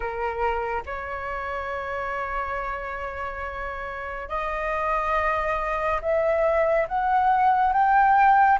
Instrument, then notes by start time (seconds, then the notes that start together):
flute
0.00 A#4
0.86 C#5
4.29 D#5
6.01 E5
6.88 F#5
7.72 G5